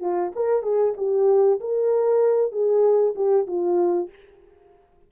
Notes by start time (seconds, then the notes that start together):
0.00 F4
0.35 A#4
0.62 G#4
0.97 G4
1.60 A#4
2.51 G#4
3.15 G4
3.47 F4